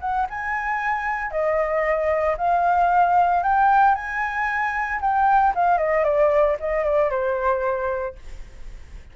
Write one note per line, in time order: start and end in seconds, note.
0.00 0.26 F#5
0.29 1.31 G#5
1.31 2.36 D#5
2.37 3.43 F5
3.43 3.95 G5
3.95 5.00 G#5
5.00 5.53 G5
5.55 5.78 F5
5.78 6.04 D#5
6.04 6.56 D5
6.60 6.84 D#5
6.84 7.10 D5
7.10 8.15 C5